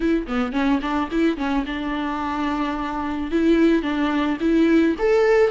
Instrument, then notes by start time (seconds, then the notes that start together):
viola
0.00 E4
0.26 B3
0.52 C#4
0.81 D4
1.11 E4
1.37 C#4
1.65 D4
3.31 E4
3.82 D4
4.40 E4
4.98 A4